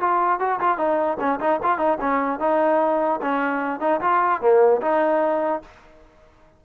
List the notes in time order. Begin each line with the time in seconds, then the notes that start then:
0.00 F4
0.39 F#4
0.60 F4
0.77 D#4
1.19 C#4
1.40 D#4
1.63 F4
1.78 D#4
2.00 C#4
2.40 D#4
3.22 C#4
3.80 D#4
4.01 F4
4.41 A#3
4.81 D#4